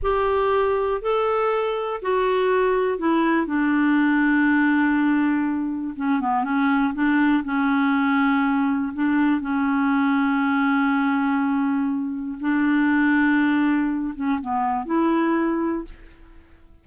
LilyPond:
\new Staff \with { instrumentName = "clarinet" } { \time 4/4 \tempo 4 = 121 g'2 a'2 | fis'2 e'4 d'4~ | d'1 | cis'8 b8 cis'4 d'4 cis'4~ |
cis'2 d'4 cis'4~ | cis'1~ | cis'4 d'2.~ | d'8 cis'8 b4 e'2 | }